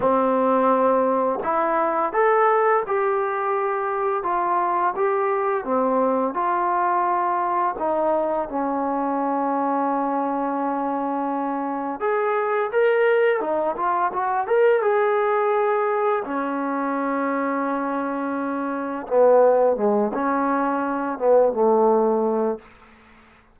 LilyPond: \new Staff \with { instrumentName = "trombone" } { \time 4/4 \tempo 4 = 85 c'2 e'4 a'4 | g'2 f'4 g'4 | c'4 f'2 dis'4 | cis'1~ |
cis'4 gis'4 ais'4 dis'8 f'8 | fis'8 ais'8 gis'2 cis'4~ | cis'2. b4 | gis8 cis'4. b8 a4. | }